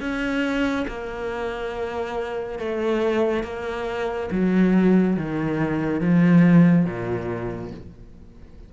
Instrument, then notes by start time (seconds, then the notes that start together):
cello
0.00 C#4
0.88 A#3
2.59 A3
3.44 A#3
4.31 F#3
5.17 D#3
6.00 F3
6.85 A#2